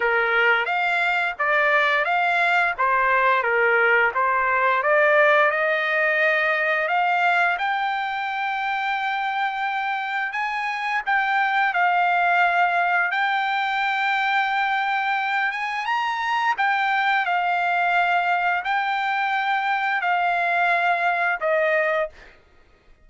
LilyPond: \new Staff \with { instrumentName = "trumpet" } { \time 4/4 \tempo 4 = 87 ais'4 f''4 d''4 f''4 | c''4 ais'4 c''4 d''4 | dis''2 f''4 g''4~ | g''2. gis''4 |
g''4 f''2 g''4~ | g''2~ g''8 gis''8 ais''4 | g''4 f''2 g''4~ | g''4 f''2 dis''4 | }